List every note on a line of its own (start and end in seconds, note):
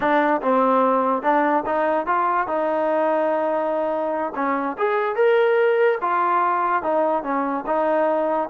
0.00 0.41 D4
0.41 1.22 C4
1.22 1.63 D4
1.66 2.06 D#4
2.06 2.47 F4
2.47 4.33 D#4
4.35 4.76 C#4
4.78 5.15 G#4
5.15 5.98 A#4
6.01 6.83 F4
6.83 7.23 D#4
7.23 7.64 C#4
7.66 8.49 D#4